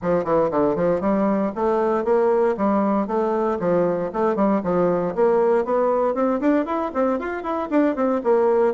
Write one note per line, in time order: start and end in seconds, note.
0.02 0.24 F3
0.24 0.50 E3
0.50 0.75 D3
0.75 1.00 F3
1.00 1.52 G3
1.55 2.04 A3
2.04 2.55 A#3
2.57 3.07 G3
3.07 3.58 A3
3.59 4.10 F3
4.13 4.35 A3
4.35 4.61 G3
4.63 5.14 F3
5.15 5.64 A#3
5.64 6.14 B3
6.14 6.40 C4
6.40 6.65 D4
6.65 6.91 E4
6.93 7.19 C4
7.19 7.43 F4
7.43 7.69 E4
7.70 7.95 D4
7.95 8.21 C4
8.23 8.74 A#3